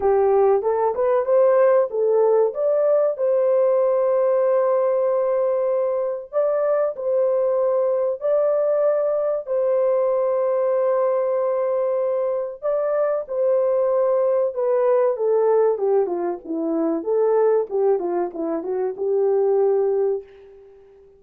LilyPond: \new Staff \with { instrumentName = "horn" } { \time 4/4 \tempo 4 = 95 g'4 a'8 b'8 c''4 a'4 | d''4 c''2.~ | c''2 d''4 c''4~ | c''4 d''2 c''4~ |
c''1 | d''4 c''2 b'4 | a'4 g'8 f'8 e'4 a'4 | g'8 f'8 e'8 fis'8 g'2 | }